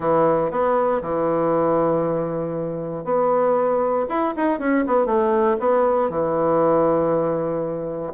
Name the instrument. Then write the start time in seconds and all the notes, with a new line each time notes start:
bassoon
0.00 E3
0.50 B3
1.01 E3
3.04 B3
4.08 E4
4.36 D#4
4.59 C#4
4.87 B3
5.06 A3
5.59 B3
6.09 E3